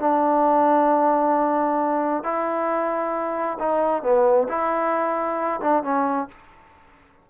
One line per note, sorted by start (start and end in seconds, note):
0.00 2.24 D4
2.24 3.58 E4
3.59 4.03 D#4
4.03 4.48 B3
4.49 5.61 E4
5.61 5.83 D4
5.84 6.28 C#4